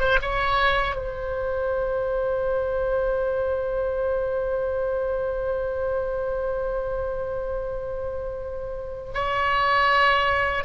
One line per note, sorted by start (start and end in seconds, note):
0.00 0.19 C5
0.22 0.95 C#5
0.95 9.12 C5
9.14 10.64 C#5